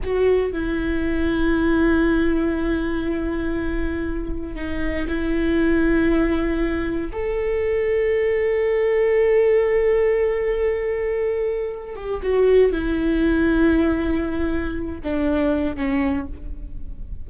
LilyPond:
\new Staff \with { instrumentName = "viola" } { \time 4/4 \tempo 4 = 118 fis'4 e'2.~ | e'1~ | e'4 dis'4 e'2~ | e'2 a'2~ |
a'1~ | a'2.~ a'8 g'8 | fis'4 e'2.~ | e'4. d'4. cis'4 | }